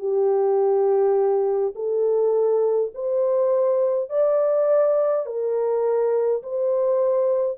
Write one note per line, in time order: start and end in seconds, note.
0.00 1.75 G4
1.76 2.92 A4
2.95 4.10 C5
4.10 5.26 D5
5.26 6.43 A#4
6.43 7.58 C5